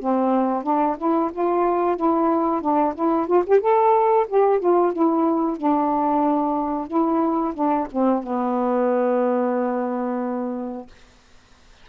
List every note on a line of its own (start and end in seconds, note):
0.00 0.64 C4
0.64 0.97 D4
0.98 1.31 E4
1.33 1.97 F4
1.97 2.62 E4
2.62 2.95 D4
2.95 3.27 E4
3.27 3.44 F4
3.47 3.61 G4
3.61 4.27 A4
4.29 4.60 G4
4.60 4.93 F4
4.93 5.57 E4
5.57 6.88 D4
6.88 7.54 E4
7.55 7.88 D4
7.92 8.24 C4
8.24 10.88 B3